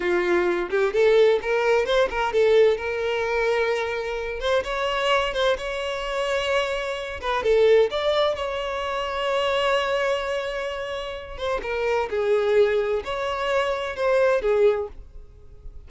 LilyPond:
\new Staff \with { instrumentName = "violin" } { \time 4/4 \tempo 4 = 129 f'4. g'8 a'4 ais'4 | c''8 ais'8 a'4 ais'2~ | ais'4. c''8 cis''4. c''8 | cis''2.~ cis''8 b'8 |
a'4 d''4 cis''2~ | cis''1~ | cis''8 c''8 ais'4 gis'2 | cis''2 c''4 gis'4 | }